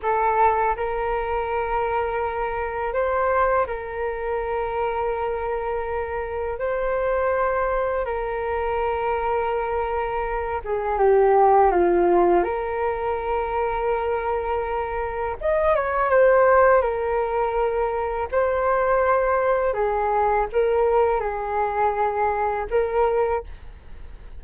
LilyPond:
\new Staff \with { instrumentName = "flute" } { \time 4/4 \tempo 4 = 82 a'4 ais'2. | c''4 ais'2.~ | ais'4 c''2 ais'4~ | ais'2~ ais'8 gis'8 g'4 |
f'4 ais'2.~ | ais'4 dis''8 cis''8 c''4 ais'4~ | ais'4 c''2 gis'4 | ais'4 gis'2 ais'4 | }